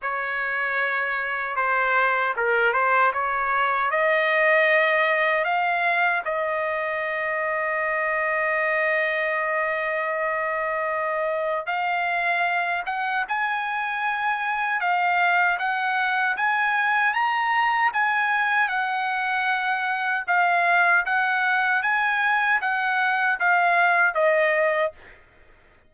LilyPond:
\new Staff \with { instrumentName = "trumpet" } { \time 4/4 \tempo 4 = 77 cis''2 c''4 ais'8 c''8 | cis''4 dis''2 f''4 | dis''1~ | dis''2. f''4~ |
f''8 fis''8 gis''2 f''4 | fis''4 gis''4 ais''4 gis''4 | fis''2 f''4 fis''4 | gis''4 fis''4 f''4 dis''4 | }